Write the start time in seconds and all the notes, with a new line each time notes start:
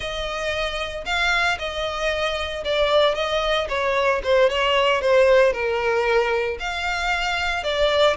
0.00 D#5
1.05 F5
1.58 D#5
2.64 D5
3.15 D#5
3.68 C#5
4.23 C5
4.49 C#5
5.01 C5
5.52 A#4
6.59 F5
7.63 D5